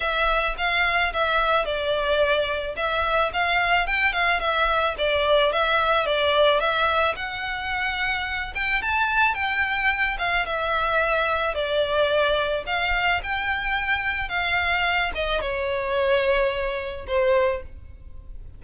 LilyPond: \new Staff \with { instrumentName = "violin" } { \time 4/4 \tempo 4 = 109 e''4 f''4 e''4 d''4~ | d''4 e''4 f''4 g''8 f''8 | e''4 d''4 e''4 d''4 | e''4 fis''2~ fis''8 g''8 |
a''4 g''4. f''8 e''4~ | e''4 d''2 f''4 | g''2 f''4. dis''8 | cis''2. c''4 | }